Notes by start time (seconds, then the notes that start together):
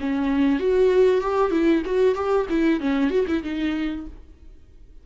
0.00 C#4
0.59 F#4
1.21 G4
1.51 E4
1.85 F#4
2.15 G4
2.49 E4
2.80 C#4
3.10 F#4
3.28 E4
3.43 D#4